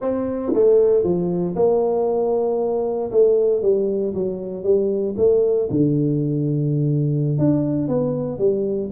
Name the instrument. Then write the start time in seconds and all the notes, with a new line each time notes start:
tuba
0.01 C4
0.53 A3
1.03 F3
1.55 A#3
3.11 A3
3.62 G3
4.14 F#3
4.63 G3
5.17 A3
5.70 D3
7.38 D4
7.88 B3
8.38 G3